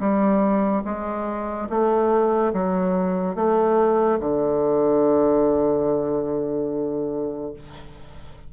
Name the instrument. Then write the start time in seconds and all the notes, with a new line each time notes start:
bassoon
0.00 G3
0.85 G#3
1.70 A3
2.53 F#3
3.36 A3
4.20 D3